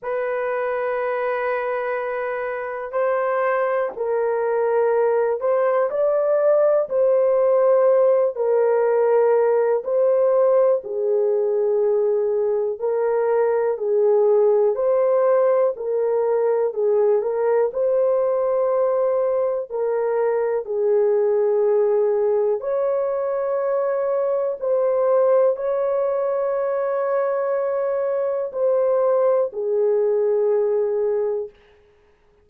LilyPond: \new Staff \with { instrumentName = "horn" } { \time 4/4 \tempo 4 = 61 b'2. c''4 | ais'4. c''8 d''4 c''4~ | c''8 ais'4. c''4 gis'4~ | gis'4 ais'4 gis'4 c''4 |
ais'4 gis'8 ais'8 c''2 | ais'4 gis'2 cis''4~ | cis''4 c''4 cis''2~ | cis''4 c''4 gis'2 | }